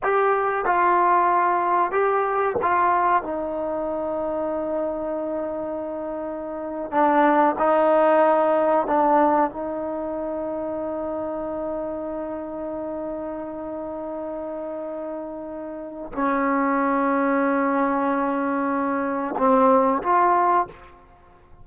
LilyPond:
\new Staff \with { instrumentName = "trombone" } { \time 4/4 \tempo 4 = 93 g'4 f'2 g'4 | f'4 dis'2.~ | dis'2~ dis'8. d'4 dis'16~ | dis'4.~ dis'16 d'4 dis'4~ dis'16~ |
dis'1~ | dis'1~ | dis'4 cis'2.~ | cis'2 c'4 f'4 | }